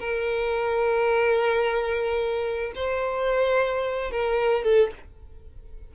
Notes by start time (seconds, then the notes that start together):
0.00 A#4
2.76 C5
4.12 A#4
4.64 A4